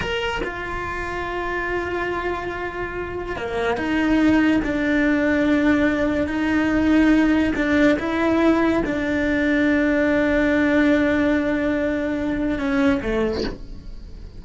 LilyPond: \new Staff \with { instrumentName = "cello" } { \time 4/4 \tempo 4 = 143 ais'4 f'2.~ | f'1 | ais4 dis'2 d'4~ | d'2. dis'4~ |
dis'2 d'4 e'4~ | e'4 d'2.~ | d'1~ | d'2 cis'4 a4 | }